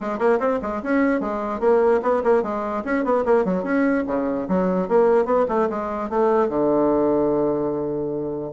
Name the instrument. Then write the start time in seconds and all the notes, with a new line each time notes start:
bassoon
0.01 G#3
0.18 A#3
0.39 C4
0.61 G#3
0.82 C#4
1.20 G#3
1.60 A#3
2.02 B3
2.23 A#3
2.43 G#3
2.84 C#4
3.04 B3
3.25 A#3
3.44 F#3
3.63 C#4
4.07 C#3
4.48 F#3
4.88 A#3
5.25 B3
5.48 A3
5.69 G#3
6.09 A3
6.48 D3